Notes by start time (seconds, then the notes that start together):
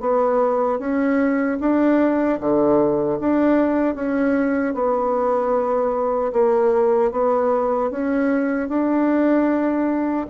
0.00 B3
0.79 C#4
1.60 D4
2.40 D3
3.20 D4
3.95 C#4
4.74 B3
6.33 A#3
7.11 B3
7.91 C#4
8.68 D4